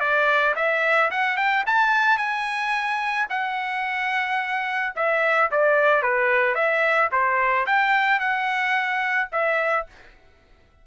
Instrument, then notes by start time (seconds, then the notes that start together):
trumpet
0.00 D5
0.56 E5
1.11 F#5
1.37 G5
1.66 A5
2.18 G#5
3.30 F#5
4.96 E5
5.51 D5
6.02 B4
6.55 E5
7.12 C5
7.66 G5
8.20 F#5
9.32 E5